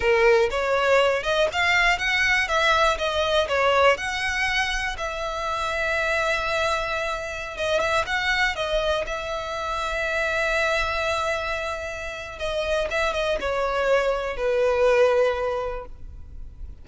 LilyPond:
\new Staff \with { instrumentName = "violin" } { \time 4/4 \tempo 4 = 121 ais'4 cis''4. dis''8 f''4 | fis''4 e''4 dis''4 cis''4 | fis''2 e''2~ | e''2.~ e''16 dis''8 e''16~ |
e''16 fis''4 dis''4 e''4.~ e''16~ | e''1~ | e''4 dis''4 e''8 dis''8 cis''4~ | cis''4 b'2. | }